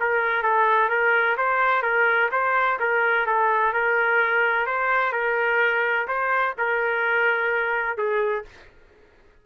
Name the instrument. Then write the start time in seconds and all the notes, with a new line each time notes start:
trumpet
0.00 A#4
0.43 A4
0.89 A#4
1.37 C5
1.83 A#4
2.31 C5
2.80 A#4
3.26 A4
3.73 A#4
4.67 C5
5.13 A#4
6.08 C5
6.58 A#4
7.98 G#4